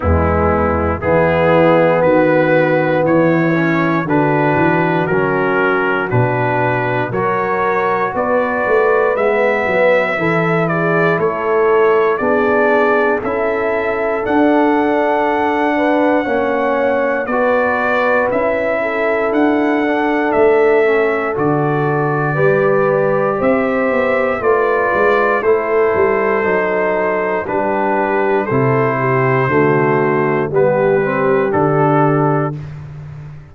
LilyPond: <<
  \new Staff \with { instrumentName = "trumpet" } { \time 4/4 \tempo 4 = 59 e'4 gis'4 b'4 cis''4 | b'4 ais'4 b'4 cis''4 | d''4 e''4. d''8 cis''4 | d''4 e''4 fis''2~ |
fis''4 d''4 e''4 fis''4 | e''4 d''2 e''4 | d''4 c''2 b'4 | c''2 b'4 a'4 | }
  \new Staff \with { instrumentName = "horn" } { \time 4/4 b4 e'4 fis'4 e'4 | fis'2. ais'4 | b'2 a'8 gis'8 a'4 | gis'4 a'2~ a'8 b'8 |
cis''4 b'4. a'4.~ | a'2 b'4 c''4 | b'4 a'2 g'4 | a'8 g'8 fis'4 g'2 | }
  \new Staff \with { instrumentName = "trombone" } { \time 4/4 gis4 b2~ b8 cis'8 | d'4 cis'4 d'4 fis'4~ | fis'4 b4 e'2 | d'4 e'4 d'2 |
cis'4 fis'4 e'4. d'8~ | d'8 cis'8 fis'4 g'2 | f'4 e'4 dis'4 d'4 | e'4 a4 b8 c'8 d'4 | }
  \new Staff \with { instrumentName = "tuba" } { \time 4/4 e,4 e4 dis4 e4 | d8 e8 fis4 b,4 fis4 | b8 a8 gis8 fis8 e4 a4 | b4 cis'4 d'2 |
ais4 b4 cis'4 d'4 | a4 d4 g4 c'8 b8 | a8 gis8 a8 g8 fis4 g4 | c4 d4 g4 d4 | }
>>